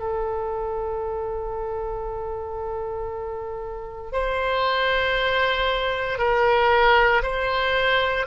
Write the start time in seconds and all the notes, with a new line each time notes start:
0.00 A4
4.13 C5
6.19 A#4
7.23 C5